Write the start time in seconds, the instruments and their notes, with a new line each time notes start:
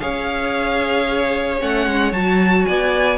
0.00 cello C#4, viola G#4, violin C#5 F5
1.59 cello A3, viola C#4, violin F#5
1.86 cello G#3
2.12 cello F#3, viola F#4, violin A5
2.65 cello B3, violin D5 G#5